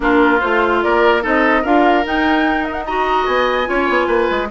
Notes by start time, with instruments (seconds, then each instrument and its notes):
0.00 bassoon A#3, clarinet D4, oboe F4, flute A#4
0.39 bassoon A3, clarinet F4, flute C5
0.82 bassoon A#3, oboe A#4, flute D5
1.22 bassoon C4, clarinet D#4, oboe A4, flute D#5
1.62 bassoon D4, clarinet F4, oboe A#4, flute F5
2.03 clarinet D#4, bassoon D#4, flute G5
2.64 flute D#5
2.73 flute F#5
2.85 clarinet F#4, oboe D#5, flute A#5
3.26 bassoon B3, flute G#5
3.65 bassoon C#4, clarinet F4, oboe C#5
3.89 bassoon B3
4.07 bassoon A#3, oboe B4
4.30 bassoon G#3